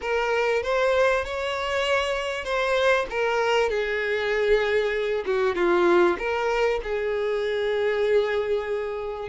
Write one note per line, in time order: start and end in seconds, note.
0.01 0.62 A#4
0.62 1.24 C5
1.25 2.44 C#5
2.44 3.06 C5
3.10 3.69 A#4
3.69 5.24 G#4
5.25 5.55 F#4
5.55 6.17 F4
6.18 6.80 A#4
6.83 9.28 G#4